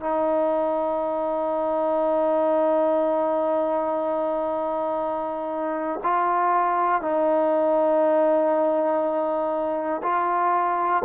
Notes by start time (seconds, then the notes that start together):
0.00 D#4
6.04 F4
7.02 D#4
10.03 F4